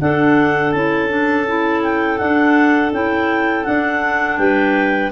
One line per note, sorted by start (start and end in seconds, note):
0.00 0.73 D4
0.00 4.39 A4
0.00 0.72 F#5
0.72 2.20 C#4
0.72 1.09 E4
0.72 1.81 A5
1.09 1.45 D4
1.47 2.18 E4
1.82 2.18 G5
2.18 2.91 D4
2.18 2.92 D4
2.18 2.91 F#5
2.92 3.65 C#4
2.92 3.64 E4
2.92 3.64 G5
3.64 5.11 D4
3.64 4.38 D4
3.64 4.37 F#5
4.37 5.11 G3
4.37 5.12 B4
4.37 5.11 G5